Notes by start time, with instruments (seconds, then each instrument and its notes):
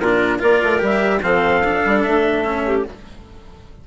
0.00 bassoon A#2, cello D4, clarinet F4, trumpet A#4
0.39 bassoon A#3, cello F4, clarinet A#4, trumpet D5
0.63 bassoon A3
0.79 bassoon G3, cello G4
0.85 trumpet E5
1.22 bassoon F3, cello C4, clarinet A4, trumpet F5
1.64 cello D4
1.85 bassoon G3
2.03 bassoon A3, trumpet E5
2.44 cello C#4
2.66 clarinet G4